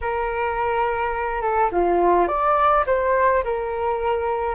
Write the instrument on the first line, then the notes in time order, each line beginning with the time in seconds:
flute
0.01 A#4
1.41 A4
1.71 F4
2.27 D5
2.86 C5
3.44 A#4